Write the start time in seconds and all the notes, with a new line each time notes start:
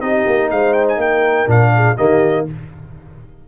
0.00 C4 D#4 G4 D#5
0.27 A#3
0.51 G#3 C5 F5
0.73 G5
0.88 G#5
0.97 A#3 A#4 G5
1.46 A#2 D4 F5
1.74 G#4
1.96 D#3 A#3 G4 D#5